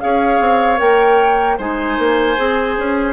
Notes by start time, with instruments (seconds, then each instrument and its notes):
0.00 bassoon C#4, clarinet G#4, oboe C#5, flute F5
0.40 bassoon C4
0.76 bassoon A#3, clarinet A#4, flute G5
1.57 bassoon G#3, clarinet D#4, oboe C5, flute G#5
1.98 bassoon A#3
2.36 bassoon C4, clarinet G#4
2.78 bassoon C#4